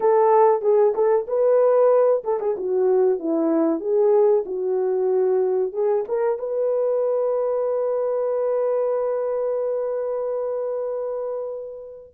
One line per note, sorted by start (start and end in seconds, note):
0.00 0.61 A4
0.61 0.93 G#4
0.95 1.26 A4
1.27 2.23 B4
2.23 2.39 A4
2.40 2.56 G#4
2.57 3.19 F#4
3.19 3.80 E4
3.80 4.44 G#4
4.45 5.72 F#4
5.72 6.04 G#4
6.08 6.39 A#4
6.39 12.13 B4